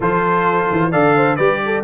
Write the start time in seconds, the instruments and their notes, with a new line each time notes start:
0.00 tuba F3, trombone F4, horn A4, trumpet C5
0.71 tuba E3
0.91 tuba D3, trombone A4, horn D5, trumpet F5
1.16 horn C5
1.36 tuba G3, trombone G4, horn B4, trumpet D5
1.65 horn A4